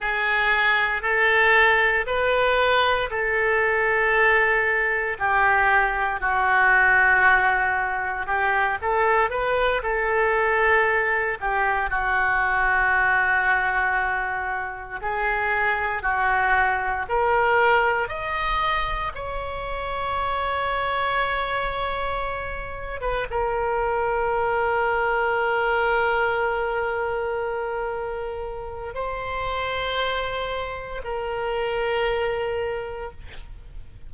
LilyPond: \new Staff \with { instrumentName = "oboe" } { \time 4/4 \tempo 4 = 58 gis'4 a'4 b'4 a'4~ | a'4 g'4 fis'2 | g'8 a'8 b'8 a'4. g'8 fis'8~ | fis'2~ fis'8 gis'4 fis'8~ |
fis'8 ais'4 dis''4 cis''4.~ | cis''2~ cis''16 b'16 ais'4.~ | ais'1 | c''2 ais'2 | }